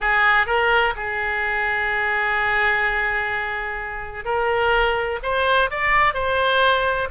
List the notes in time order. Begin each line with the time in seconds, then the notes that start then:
0.00 G#4
0.46 A#4
0.96 G#4
4.24 A#4
5.22 C5
5.70 D5
6.14 C5